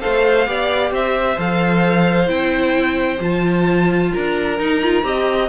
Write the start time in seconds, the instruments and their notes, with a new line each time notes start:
0.00 cello A3, viola A4, violin C5 F5
0.46 cello B3, viola G4, violin D5
0.91 cello C4, violin C5 E5
1.37 cello F3, viola A4, violin F5
2.26 cello C4, viola E4, violin G5
3.20 cello F3, viola F4, violin A5
4.13 cello D4, violin A#4 A#5
4.58 viola D#4, cello D#4
4.82 viola F4
5.03 cello C4, viola G4, violin D#5